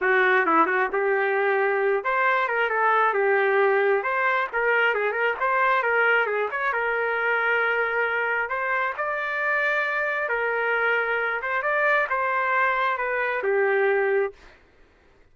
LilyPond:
\new Staff \with { instrumentName = "trumpet" } { \time 4/4 \tempo 4 = 134 fis'4 e'8 fis'8 g'2~ | g'8 c''4 ais'8 a'4 g'4~ | g'4 c''4 ais'4 gis'8 ais'8 | c''4 ais'4 gis'8 cis''8 ais'4~ |
ais'2. c''4 | d''2. ais'4~ | ais'4. c''8 d''4 c''4~ | c''4 b'4 g'2 | }